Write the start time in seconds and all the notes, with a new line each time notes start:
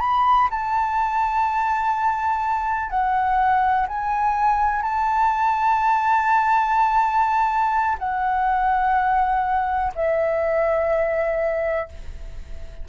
0.00 B5
0.51 A5
2.90 F#5
3.88 G#5
4.83 A5
7.99 F#5
9.95 E5